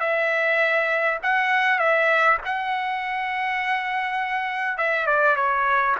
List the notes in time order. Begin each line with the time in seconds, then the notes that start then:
0.00 E5
1.23 F#5
1.79 E5
2.45 F#5
4.78 E5
5.06 D5
5.36 C#5